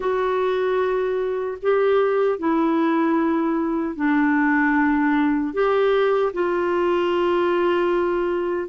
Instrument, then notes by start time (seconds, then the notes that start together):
clarinet
0.00 F#4
1.62 G4
2.39 E4
3.95 D4
5.53 G4
6.33 F4